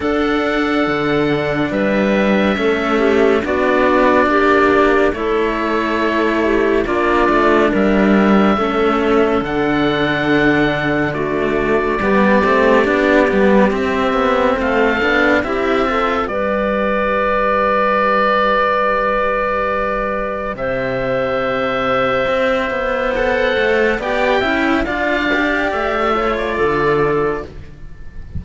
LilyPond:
<<
  \new Staff \with { instrumentName = "oboe" } { \time 4/4 \tempo 4 = 70 fis''2 e''2 | d''2 cis''2 | d''4 e''2 fis''4~ | fis''4 d''2. |
e''4 f''4 e''4 d''4~ | d''1 | e''2. fis''4 | g''4 f''4 e''8. d''4~ d''16 | }
  \new Staff \with { instrumentName = "clarinet" } { \time 4/4 a'2 b'4 a'8 g'8 | fis'4 g'4 a'4. g'8 | f'4 ais'4 a'2~ | a'4 fis'4 g'2~ |
g'4 a'4 g'8 a'8 b'4~ | b'1 | c''1 | d''8 e''8 d''4. cis''8 a'4 | }
  \new Staff \with { instrumentName = "cello" } { \time 4/4 d'2. cis'4 | d'2 e'2 | d'2 cis'4 d'4~ | d'4 a4 b8 c'8 d'8 b8 |
c'4. d'8 e'8 f'8 g'4~ | g'1~ | g'2. a'4 | g'8 e'8 f'8 g'4 f'4. | }
  \new Staff \with { instrumentName = "cello" } { \time 4/4 d'4 d4 g4 a4 | b4 ais4 a2 | ais8 a8 g4 a4 d4~ | d2 g8 a8 b8 g8 |
c'8 b8 a8 b8 c'4 g4~ | g1 | c2 c'8 b4 a8 | b8 cis'8 d'4 a4 d4 | }
>>